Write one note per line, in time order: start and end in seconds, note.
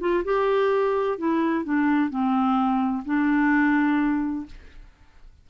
0.00 0.23 F4
0.24 1.18 G4
1.18 1.64 E4
1.64 2.10 D4
2.10 3.04 C4
3.05 4.46 D4